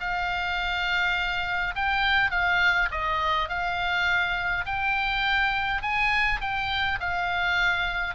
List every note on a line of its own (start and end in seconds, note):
0.00 1.75 F5
1.75 2.31 G5
2.31 2.89 F5
2.91 3.49 D#5
3.49 4.65 F5
4.66 5.82 G5
5.82 6.40 G#5
6.41 6.99 G5
7.00 8.15 F5